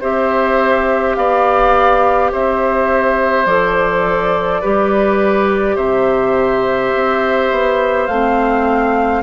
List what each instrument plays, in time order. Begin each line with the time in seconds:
0.00 bassoon C4, clarinet G4, oboe C5, flute E5
1.15 bassoon B3, oboe D5, flute F5
2.31 bassoon C4, oboe C5, flute E5
3.45 bassoon F3, clarinet A4, flute D5
4.61 bassoon G3, clarinet G4, oboe B4
5.75 bassoon C3, oboe C5, flute E5
6.94 bassoon C4
7.51 bassoon B3
8.07 bassoon A3, clarinet C4, flute F5